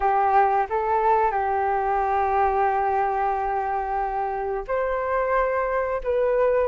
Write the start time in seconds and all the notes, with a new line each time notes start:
0.00 G4
0.69 A4
1.31 G4
4.67 C5
6.03 B4